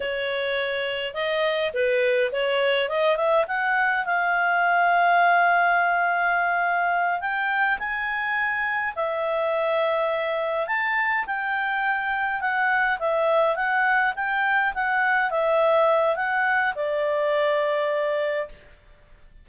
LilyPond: \new Staff \with { instrumentName = "clarinet" } { \time 4/4 \tempo 4 = 104 cis''2 dis''4 b'4 | cis''4 dis''8 e''8 fis''4 f''4~ | f''1~ | f''8 g''4 gis''2 e''8~ |
e''2~ e''8 a''4 g''8~ | g''4. fis''4 e''4 fis''8~ | fis''8 g''4 fis''4 e''4. | fis''4 d''2. | }